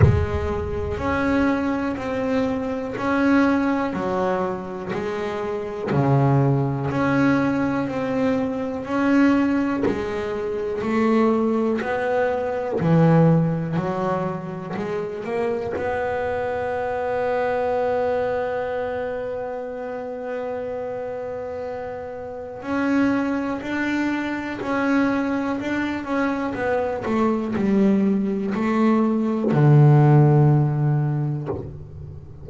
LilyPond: \new Staff \with { instrumentName = "double bass" } { \time 4/4 \tempo 4 = 61 gis4 cis'4 c'4 cis'4 | fis4 gis4 cis4 cis'4 | c'4 cis'4 gis4 a4 | b4 e4 fis4 gis8 ais8 |
b1~ | b2. cis'4 | d'4 cis'4 d'8 cis'8 b8 a8 | g4 a4 d2 | }